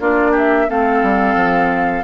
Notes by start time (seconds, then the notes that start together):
0.00 A#3 D4 F4 D5
0.32 G4 E5
0.68 A3 C4 A4 F5
1.02 G3
1.35 F3